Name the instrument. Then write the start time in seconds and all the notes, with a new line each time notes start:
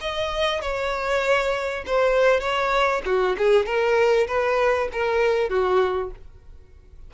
violin
0.00 D#5
0.61 C#5
1.86 C5
2.40 C#5
3.05 F#4
3.37 G#4
3.66 A#4
4.27 B4
4.92 A#4
5.49 F#4